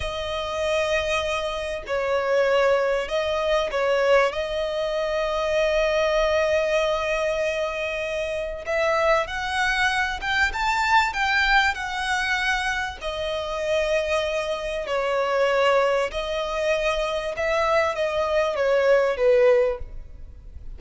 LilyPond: \new Staff \with { instrumentName = "violin" } { \time 4/4 \tempo 4 = 97 dis''2. cis''4~ | cis''4 dis''4 cis''4 dis''4~ | dis''1~ | dis''2 e''4 fis''4~ |
fis''8 g''8 a''4 g''4 fis''4~ | fis''4 dis''2. | cis''2 dis''2 | e''4 dis''4 cis''4 b'4 | }